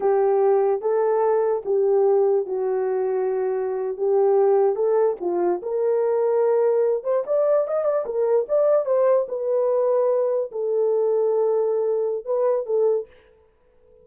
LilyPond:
\new Staff \with { instrumentName = "horn" } { \time 4/4 \tempo 4 = 147 g'2 a'2 | g'2 fis'2~ | fis'4.~ fis'16 g'2 a'16~ | a'8. f'4 ais'2~ ais'16~ |
ais'4~ ais'16 c''8 d''4 dis''8 d''8 ais'16~ | ais'8. d''4 c''4 b'4~ b'16~ | b'4.~ b'16 a'2~ a'16~ | a'2 b'4 a'4 | }